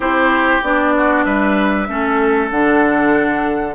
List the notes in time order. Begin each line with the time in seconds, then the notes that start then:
0.00 C4 E4 G4 C5
0.62 B3 D4 D5
0.96 F#4
1.24 G3 B4 E5
1.87 A3 C#4 A4
2.50 D3 D4 F#5